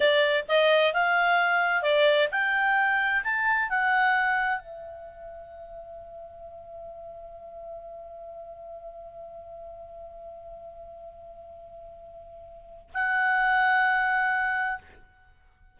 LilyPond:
\new Staff \with { instrumentName = "clarinet" } { \time 4/4 \tempo 4 = 130 d''4 dis''4 f''2 | d''4 g''2 a''4 | fis''2 e''2~ | e''1~ |
e''1~ | e''1~ | e''1 | fis''1 | }